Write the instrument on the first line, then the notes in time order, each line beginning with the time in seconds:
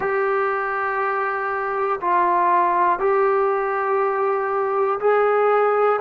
trombone
0.00 G4
2.00 F4
2.99 G4
5.00 G#4